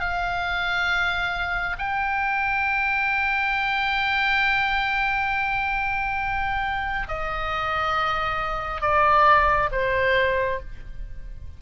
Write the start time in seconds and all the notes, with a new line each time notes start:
0.00 F5
1.78 G5
7.08 D#5
8.81 D5
9.72 C5